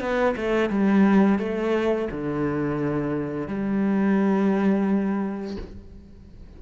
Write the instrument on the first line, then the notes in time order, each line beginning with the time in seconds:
cello
0.00 B3
0.36 A3
0.69 G3
1.39 A3
2.11 D3
3.48 G3